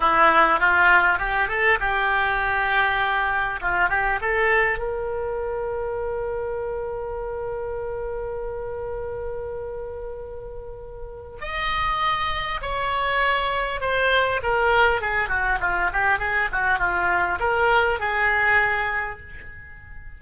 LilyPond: \new Staff \with { instrumentName = "oboe" } { \time 4/4 \tempo 4 = 100 e'4 f'4 g'8 a'8 g'4~ | g'2 f'8 g'8 a'4 | ais'1~ | ais'1~ |
ais'2. dis''4~ | dis''4 cis''2 c''4 | ais'4 gis'8 fis'8 f'8 g'8 gis'8 fis'8 | f'4 ais'4 gis'2 | }